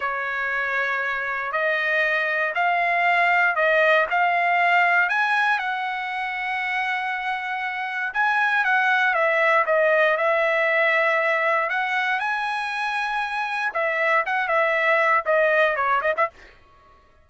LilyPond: \new Staff \with { instrumentName = "trumpet" } { \time 4/4 \tempo 4 = 118 cis''2. dis''4~ | dis''4 f''2 dis''4 | f''2 gis''4 fis''4~ | fis''1 |
gis''4 fis''4 e''4 dis''4 | e''2. fis''4 | gis''2. e''4 | fis''8 e''4. dis''4 cis''8 dis''16 e''16 | }